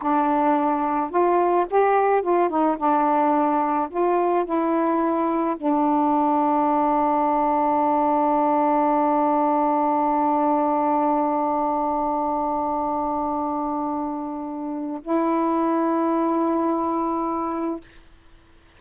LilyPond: \new Staff \with { instrumentName = "saxophone" } { \time 4/4 \tempo 4 = 108 d'2 f'4 g'4 | f'8 dis'8 d'2 f'4 | e'2 d'2~ | d'1~ |
d'1~ | d'1~ | d'2. e'4~ | e'1 | }